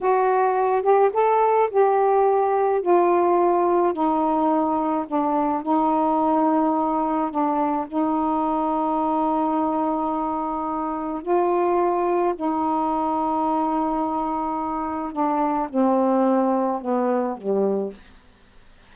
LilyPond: \new Staff \with { instrumentName = "saxophone" } { \time 4/4 \tempo 4 = 107 fis'4. g'8 a'4 g'4~ | g'4 f'2 dis'4~ | dis'4 d'4 dis'2~ | dis'4 d'4 dis'2~ |
dis'1 | f'2 dis'2~ | dis'2. d'4 | c'2 b4 g4 | }